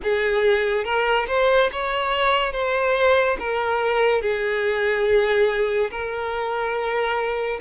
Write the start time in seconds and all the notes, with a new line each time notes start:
0.03 G#4
0.84 A#4
1.27 C5
1.72 C#5
2.52 C5
3.39 A#4
4.21 G#4
5.90 A#4